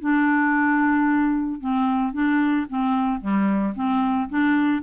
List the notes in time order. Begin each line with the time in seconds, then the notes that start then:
0.00 D4
1.60 C4
2.13 D4
2.69 C4
3.20 G3
3.75 C4
4.29 D4